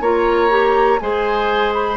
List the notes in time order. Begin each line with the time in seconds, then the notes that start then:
0.00 A#3 F4 C#5 A#5
0.49 G4
0.99 G#3 G#4 C5 G#5
1.73 B5